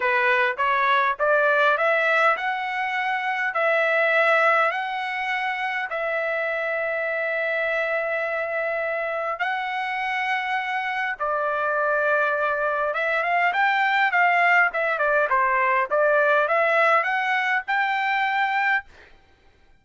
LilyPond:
\new Staff \with { instrumentName = "trumpet" } { \time 4/4 \tempo 4 = 102 b'4 cis''4 d''4 e''4 | fis''2 e''2 | fis''2 e''2~ | e''1 |
fis''2. d''4~ | d''2 e''8 f''8 g''4 | f''4 e''8 d''8 c''4 d''4 | e''4 fis''4 g''2 | }